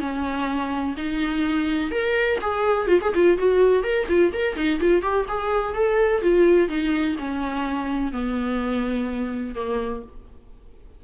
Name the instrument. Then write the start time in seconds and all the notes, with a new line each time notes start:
viola
0.00 C#4
0.97 D#4
1.91 A#4
2.41 G#4
2.87 F4
3.01 G#4
3.15 F4
3.38 F#4
3.83 A#4
4.08 F4
4.33 A#4
4.56 D#4
4.80 F4
5.02 G4
5.28 G#4
5.74 A4
6.22 F4
6.69 D#4
7.19 C#4
8.12 B3
9.55 A#3